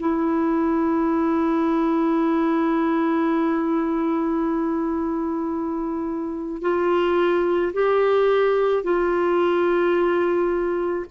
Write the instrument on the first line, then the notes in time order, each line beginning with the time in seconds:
clarinet
0.00 E4
6.62 F4
7.74 G4
8.84 F4